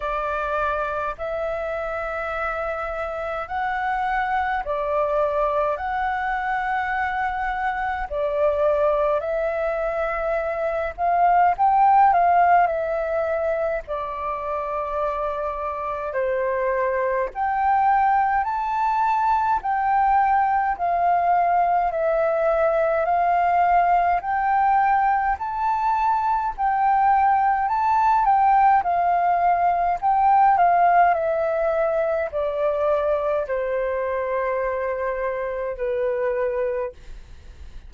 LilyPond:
\new Staff \with { instrumentName = "flute" } { \time 4/4 \tempo 4 = 52 d''4 e''2 fis''4 | d''4 fis''2 d''4 | e''4. f''8 g''8 f''8 e''4 | d''2 c''4 g''4 |
a''4 g''4 f''4 e''4 | f''4 g''4 a''4 g''4 | a''8 g''8 f''4 g''8 f''8 e''4 | d''4 c''2 b'4 | }